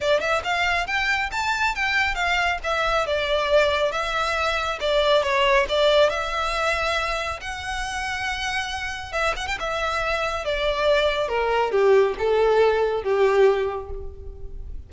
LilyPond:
\new Staff \with { instrumentName = "violin" } { \time 4/4 \tempo 4 = 138 d''8 e''8 f''4 g''4 a''4 | g''4 f''4 e''4 d''4~ | d''4 e''2 d''4 | cis''4 d''4 e''2~ |
e''4 fis''2.~ | fis''4 e''8 fis''16 g''16 e''2 | d''2 ais'4 g'4 | a'2 g'2 | }